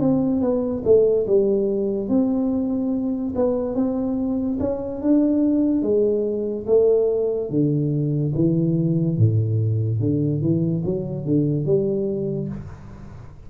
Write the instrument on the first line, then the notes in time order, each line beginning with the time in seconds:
tuba
0.00 C4
0.41 B3
0.84 A3
1.27 G3
2.09 C4
3.35 B3
3.75 C4
4.59 C#4
5.01 D4
5.82 G#3
6.67 A3
7.50 D3
8.34 E3
9.18 A2
10.00 D3
10.41 E3
10.84 F#3
11.25 D3
11.65 G3